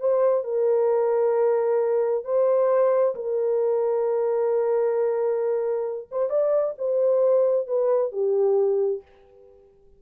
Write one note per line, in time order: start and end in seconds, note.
0.00 0.44 C5
0.44 2.25 A#4
2.25 3.15 C5
3.15 6.08 A#4
6.11 6.30 C5
6.30 6.75 D5
6.78 7.67 C5
7.67 8.12 B4
8.12 9.02 G4